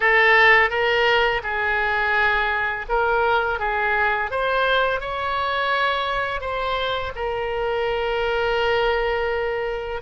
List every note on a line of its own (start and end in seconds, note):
0.00 0.69 A4
0.69 1.41 A#4
1.43 2.86 G#4
2.88 3.59 A#4
3.59 4.30 G#4
4.31 5.00 C5
5.00 6.40 C#5
6.40 7.12 C5
7.15 10.01 A#4